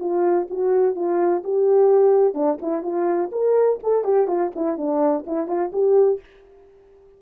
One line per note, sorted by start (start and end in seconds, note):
0.00 0.48 F4
0.50 0.96 F#4
0.96 1.43 F4
1.44 2.35 G4
2.35 2.58 D4
2.62 2.83 E4
2.83 3.31 F4
3.32 3.79 A#4
3.84 4.04 A4
4.04 4.28 G4
4.28 4.52 F4
4.56 4.78 E4
4.78 5.26 D4
5.27 5.48 E4
5.48 5.71 F4
5.73 6.20 G4